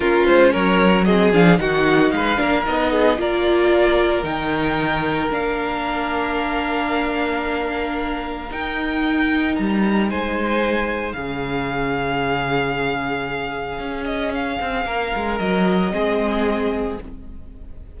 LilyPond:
<<
  \new Staff \with { instrumentName = "violin" } { \time 4/4 \tempo 4 = 113 ais'8 c''8 cis''4 dis''8 f''8 fis''4 | f''4 dis''4 d''2 | g''2 f''2~ | f''1 |
g''2 ais''4 gis''4~ | gis''4 f''2.~ | f''2~ f''8 dis''8 f''4~ | f''4 dis''2. | }
  \new Staff \with { instrumentName = "violin" } { \time 4/4 f'4 ais'4 gis'4 fis'4 | b'8 ais'4 gis'8 ais'2~ | ais'1~ | ais'1~ |
ais'2. c''4~ | c''4 gis'2.~ | gis'1 | ais'2 gis'2 | }
  \new Staff \with { instrumentName = "viola" } { \time 4/4 cis'2 c'8 d'8 dis'4~ | dis'8 d'8 dis'4 f'2 | dis'2 d'2~ | d'1 |
dis'1~ | dis'4 cis'2.~ | cis'1~ | cis'2 c'2 | }
  \new Staff \with { instrumentName = "cello" } { \time 4/4 ais8 gis8 fis4. f8 dis4 | gis8 ais8 b4 ais2 | dis2 ais2~ | ais1 |
dis'2 g4 gis4~ | gis4 cis2.~ | cis2 cis'4. c'8 | ais8 gis8 fis4 gis2 | }
>>